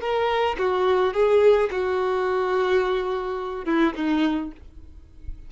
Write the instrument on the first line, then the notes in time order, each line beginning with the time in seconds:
violin
0.00 A#4
0.58 F#4
1.13 G#4
1.71 F#4
3.65 E4
3.95 D#4